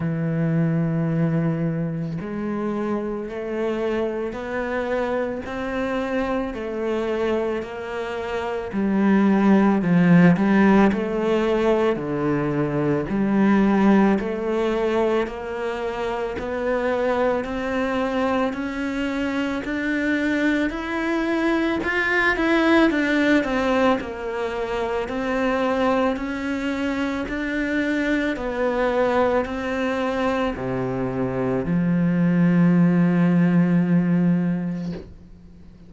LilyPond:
\new Staff \with { instrumentName = "cello" } { \time 4/4 \tempo 4 = 55 e2 gis4 a4 | b4 c'4 a4 ais4 | g4 f8 g8 a4 d4 | g4 a4 ais4 b4 |
c'4 cis'4 d'4 e'4 | f'8 e'8 d'8 c'8 ais4 c'4 | cis'4 d'4 b4 c'4 | c4 f2. | }